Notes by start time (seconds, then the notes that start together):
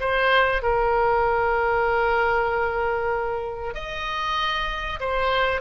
0.00 C5
0.62 A#4
3.74 D#5
5.00 C5